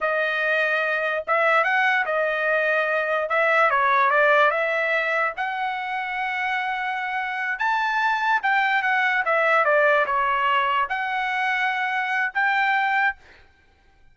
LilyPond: \new Staff \with { instrumentName = "trumpet" } { \time 4/4 \tempo 4 = 146 dis''2. e''4 | fis''4 dis''2. | e''4 cis''4 d''4 e''4~ | e''4 fis''2.~ |
fis''2~ fis''8 a''4.~ | a''8 g''4 fis''4 e''4 d''8~ | d''8 cis''2 fis''4.~ | fis''2 g''2 | }